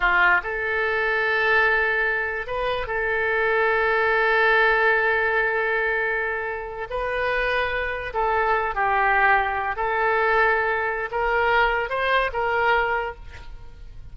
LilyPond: \new Staff \with { instrumentName = "oboe" } { \time 4/4 \tempo 4 = 146 f'4 a'2.~ | a'2 b'4 a'4~ | a'1~ | a'1~ |
a'8. b'2. a'16~ | a'4~ a'16 g'2~ g'8 a'16~ | a'2. ais'4~ | ais'4 c''4 ais'2 | }